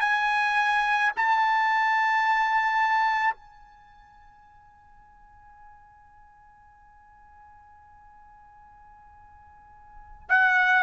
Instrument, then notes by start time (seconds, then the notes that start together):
trumpet
0.00 G#5
1.16 A5
3.34 G#5
10.29 F#5